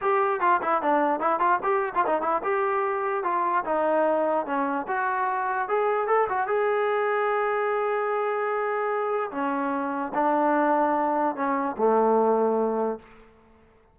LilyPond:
\new Staff \with { instrumentName = "trombone" } { \time 4/4 \tempo 4 = 148 g'4 f'8 e'8 d'4 e'8 f'8 | g'8. f'16 dis'8 e'8 g'2 | f'4 dis'2 cis'4 | fis'2 gis'4 a'8 fis'8 |
gis'1~ | gis'2. cis'4~ | cis'4 d'2. | cis'4 a2. | }